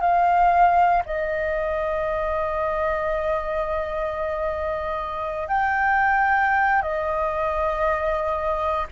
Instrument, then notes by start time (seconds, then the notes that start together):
flute
0.00 F5
1.05 D#5
5.48 G5
6.82 D#5